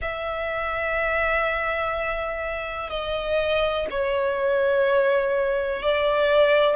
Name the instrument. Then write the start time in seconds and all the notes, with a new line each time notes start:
violin
0.01 E5
2.89 D#5
3.90 C#5
5.82 D5